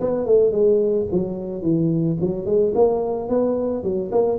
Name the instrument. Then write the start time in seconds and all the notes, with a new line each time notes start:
tuba
0.00 B3
0.25 A3
0.51 G#3
1.11 F#3
1.62 E3
2.20 F#3
2.45 G#3
2.74 A#3
3.29 B3
3.83 F#3
4.11 A#3